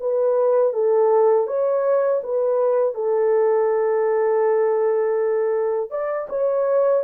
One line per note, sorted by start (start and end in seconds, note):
0.00 0.73 B4
0.73 1.47 A4
1.47 2.21 C#5
2.23 2.95 B4
2.95 5.91 A4
5.91 6.28 D5
6.30 7.04 C#5